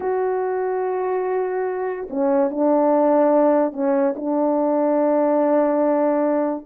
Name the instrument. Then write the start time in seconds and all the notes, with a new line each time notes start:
horn
0.00 F#4
2.10 C#4
2.50 D4
3.72 C#4
4.16 D4